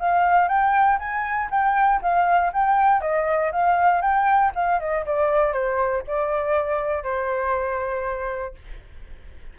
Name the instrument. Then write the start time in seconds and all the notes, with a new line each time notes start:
flute
0.00 F5
0.49 G5
0.99 G#5
1.51 G5
2.02 F5
2.53 G5
3.01 D#5
3.52 F5
4.02 G5
4.55 F5
4.80 D#5
5.06 D5
5.53 C5
6.07 D5
7.04 C5